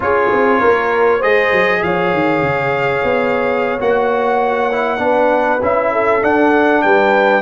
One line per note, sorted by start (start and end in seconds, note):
0.00 0.29 C#4
0.00 1.21 F4
0.00 0.60 G#4
0.00 1.22 C#5
0.32 0.62 C4
0.60 1.23 A#3
0.60 1.18 A#4
1.18 1.51 G#3
1.18 3.79 G#4
1.18 1.78 C5
1.18 1.82 D#5
1.51 1.82 F#3
1.82 2.13 F3
1.82 5.02 C#5
1.82 3.79 F5
2.13 2.41 D#3
2.41 3.01 C#3
3.03 3.79 B3
3.79 4.99 A#3
3.79 4.70 F#4
3.79 5.62 F#5
4.72 4.98 E4
4.98 5.59 B3
4.98 5.58 D4
4.98 5.92 B4
5.61 6.22 C#4
5.61 6.21 E4
5.61 6.23 E5
5.92 6.83 A4
6.21 7.42 D4
6.21 6.83 D4
6.21 6.82 F#5
6.82 7.42 G3
6.82 7.42 B4
6.82 7.42 G5